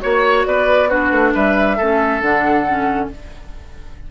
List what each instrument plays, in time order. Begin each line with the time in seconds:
0.00 bassoon A#3, clarinet F#4, flute C#5, oboe C#5
0.46 bassoon B3, oboe B4, flute D5
0.89 clarinet D4, oboe F#4, flute B4
1.11 bassoon A3
1.34 bassoon G3, oboe B4, flute E5
1.77 bassoon A3, clarinet C#4, oboe A4
2.21 bassoon D3, clarinet D4, flute F#5
2.67 clarinet C#4